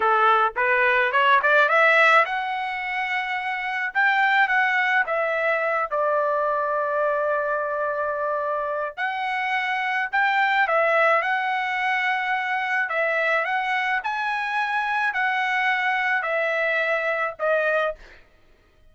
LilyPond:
\new Staff \with { instrumentName = "trumpet" } { \time 4/4 \tempo 4 = 107 a'4 b'4 cis''8 d''8 e''4 | fis''2. g''4 | fis''4 e''4. d''4.~ | d''1 |
fis''2 g''4 e''4 | fis''2. e''4 | fis''4 gis''2 fis''4~ | fis''4 e''2 dis''4 | }